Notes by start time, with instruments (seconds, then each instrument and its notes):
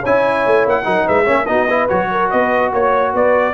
0.00 tuba C#4, horn C#5, trumpet G#5
0.06 trombone E4
0.46 tuba A3
0.66 tuba A#3, trumpet F#5
0.84 tuba F#3, trombone D#4, horn A#4
1.06 tuba G#3, horn B4, trumpet E5
1.25 tuba A#3, trombone C#4, horn C#5
1.46 tuba B3, trombone D#4, horn F#4, trumpet D#5
1.68 trombone E4, horn B4
1.89 tuba F#3, trombone F#4, trumpet C#5
2.11 horn A#4
2.31 tuba B3, horn B4, trumpet D#5
2.72 tuba A#3, trumpet C#5, horn C#5
3.13 tuba B3, horn B4, trumpet D5